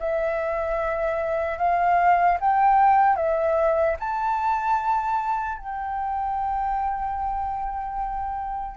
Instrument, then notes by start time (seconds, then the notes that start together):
flute
0.00 E5
1.58 F5
2.40 G5
3.16 E5
4.00 A5
5.58 G5